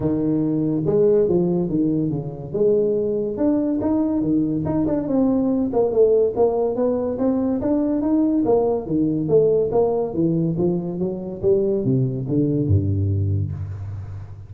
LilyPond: \new Staff \with { instrumentName = "tuba" } { \time 4/4 \tempo 4 = 142 dis2 gis4 f4 | dis4 cis4 gis2 | d'4 dis'4 dis4 dis'8 d'8 | c'4. ais8 a4 ais4 |
b4 c'4 d'4 dis'4 | ais4 dis4 a4 ais4 | e4 f4 fis4 g4 | c4 d4 g,2 | }